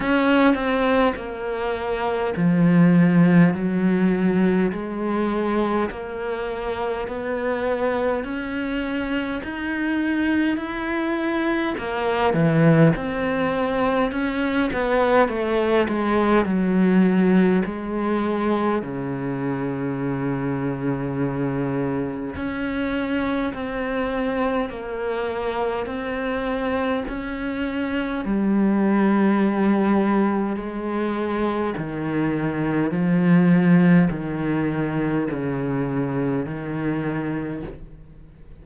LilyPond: \new Staff \with { instrumentName = "cello" } { \time 4/4 \tempo 4 = 51 cis'8 c'8 ais4 f4 fis4 | gis4 ais4 b4 cis'4 | dis'4 e'4 ais8 e8 c'4 | cis'8 b8 a8 gis8 fis4 gis4 |
cis2. cis'4 | c'4 ais4 c'4 cis'4 | g2 gis4 dis4 | f4 dis4 cis4 dis4 | }